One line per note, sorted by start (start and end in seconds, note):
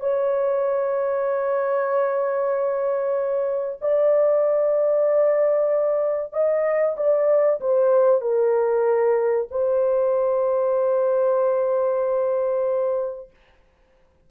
0.00 3.79 C#5
3.81 6.33 D5
6.33 6.96 D#5
6.97 7.60 D5
7.60 8.21 C5
8.21 9.47 A#4
9.51 13.30 C5